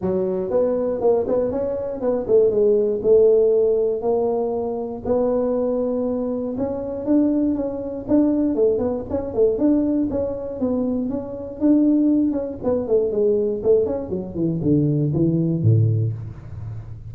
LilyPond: \new Staff \with { instrumentName = "tuba" } { \time 4/4 \tempo 4 = 119 fis4 b4 ais8 b8 cis'4 | b8 a8 gis4 a2 | ais2 b2~ | b4 cis'4 d'4 cis'4 |
d'4 a8 b8 cis'8 a8 d'4 | cis'4 b4 cis'4 d'4~ | d'8 cis'8 b8 a8 gis4 a8 cis'8 | fis8 e8 d4 e4 a,4 | }